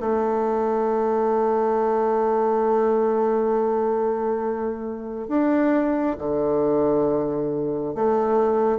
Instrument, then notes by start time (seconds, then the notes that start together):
bassoon
0.00 A3
5.28 D4
6.18 D3
7.95 A3